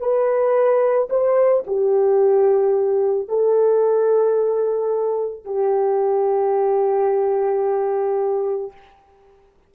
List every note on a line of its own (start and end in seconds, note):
0.00 1.09 B4
1.10 1.64 C5
1.67 3.28 G4
3.28 5.45 A4
5.45 8.72 G4